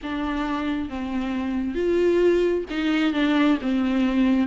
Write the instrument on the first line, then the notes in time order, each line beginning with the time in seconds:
viola
0.02 D4
0.89 C4
1.75 F4
2.69 D#4
3.13 D4
3.61 C4